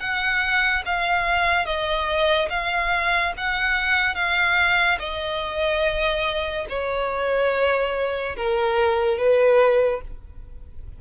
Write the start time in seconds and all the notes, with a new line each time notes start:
0.00 F#5
0.86 F5
1.66 D#5
2.50 F5
3.37 F#5
4.15 F5
4.99 D#5
6.69 C#5
8.36 A#4
9.18 B4